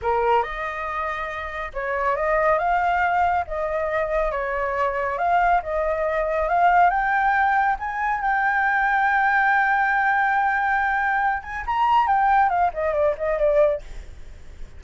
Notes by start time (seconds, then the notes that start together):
0.02 A#4
0.42 D#5
1.73 C#5
2.16 D#5
2.58 F5
3.47 D#5
4.31 C#5
5.18 F5
5.62 D#5
6.48 F5
6.89 G5
7.79 G#5
8.21 G5
11.43 G#5
11.66 A#5
12.07 G5
12.49 F5
12.73 D#5
12.93 D5
13.17 D#5
13.38 D5